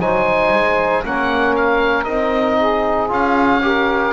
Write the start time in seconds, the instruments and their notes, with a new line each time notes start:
0.00 double bass F#3, trombone D#4, saxophone C5, oboe G#5
0.52 double bass G#3
1.04 double bass A#3, trombone C#4, saxophone A#4, oboe F#5
1.55 oboe F5
2.04 double bass C4, trombone D#4, oboe D#5
2.58 saxophone G#4
3.08 double bass C#4, trombone F4, oboe F5
3.62 trombone G4, saxophone A#4